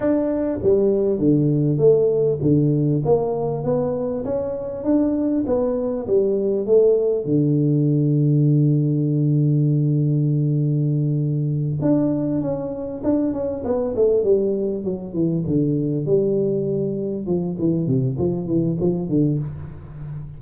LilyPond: \new Staff \with { instrumentName = "tuba" } { \time 4/4 \tempo 4 = 99 d'4 g4 d4 a4 | d4 ais4 b4 cis'4 | d'4 b4 g4 a4 | d1~ |
d2.~ d8 d'8~ | d'8 cis'4 d'8 cis'8 b8 a8 g8~ | g8 fis8 e8 d4 g4.~ | g8 f8 e8 c8 f8 e8 f8 d8 | }